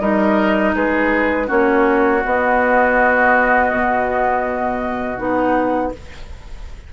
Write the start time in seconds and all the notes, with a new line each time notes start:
0.00 G3 D#4 A#4 D#5
0.75 G#3 G#4 B4
1.48 A#3 C#4 F#4 C#5
2.25 B3 D#5
3.72 B2
5.18 B3 D#4 F#5